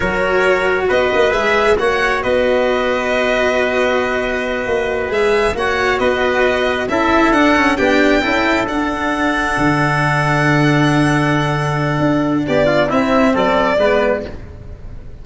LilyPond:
<<
  \new Staff \with { instrumentName = "violin" } { \time 4/4 \tempo 4 = 135 cis''2 dis''4 e''4 | fis''4 dis''2.~ | dis''2.~ dis''8 e''8~ | e''8 fis''4 dis''2 e''8~ |
e''8 fis''4 g''2 fis''8~ | fis''1~ | fis''1 | d''4 e''4 d''2 | }
  \new Staff \with { instrumentName = "trumpet" } { \time 4/4 ais'2 b'2 | cis''4 b'2.~ | b'1~ | b'8 cis''4 b'2 a'8~ |
a'4. g'4 a'4.~ | a'1~ | a'1 | g'8 f'8 e'4 a'4 b'4 | }
  \new Staff \with { instrumentName = "cello" } { \time 4/4 fis'2. gis'4 | fis'1~ | fis'2.~ fis'8 gis'8~ | gis'8 fis'2. e'8~ |
e'8 d'8 cis'8 d'4 e'4 d'8~ | d'1~ | d'1~ | d'4 c'2 b4 | }
  \new Staff \with { instrumentName = "tuba" } { \time 4/4 fis2 b8 ais8 gis4 | ais4 b2.~ | b2~ b8 ais4 gis8~ | gis8 ais4 b2 cis'8~ |
cis'8 d'4 b4 cis'4 d'8~ | d'4. d2~ d8~ | d2. d'4 | b4 c'4 fis4 gis4 | }
>>